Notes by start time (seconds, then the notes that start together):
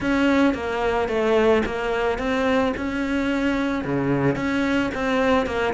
0.00 C#4
0.54 A#3
1.08 A3
1.65 A#3
2.18 C4
2.76 C#4
3.84 C#3
4.35 C#4
4.94 C4
5.46 A#3